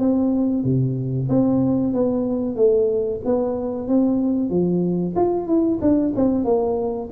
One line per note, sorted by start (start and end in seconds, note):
0.00 0.64 C4
0.64 1.29 C3
1.30 1.94 C4
1.94 2.56 B3
2.56 3.21 A3
3.26 3.89 B3
3.89 4.50 C4
4.50 5.15 F3
5.16 5.47 F4
5.47 5.80 E4
5.82 6.14 D4
6.16 6.45 C4
6.45 7.10 A#3